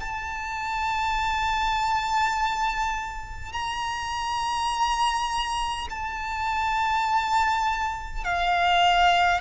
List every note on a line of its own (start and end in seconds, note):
0.00 3.53 A5
3.53 5.88 A#5
5.90 8.25 A5
8.25 9.41 F5